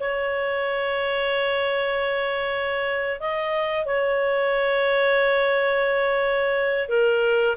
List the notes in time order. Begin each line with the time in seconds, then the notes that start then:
0.00 C#5
3.20 D#5
3.85 C#5
6.89 A#4